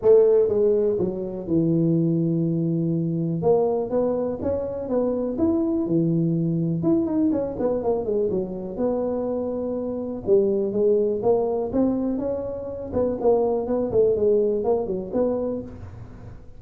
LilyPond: \new Staff \with { instrumentName = "tuba" } { \time 4/4 \tempo 4 = 123 a4 gis4 fis4 e4~ | e2. ais4 | b4 cis'4 b4 e'4 | e2 e'8 dis'8 cis'8 b8 |
ais8 gis8 fis4 b2~ | b4 g4 gis4 ais4 | c'4 cis'4. b8 ais4 | b8 a8 gis4 ais8 fis8 b4 | }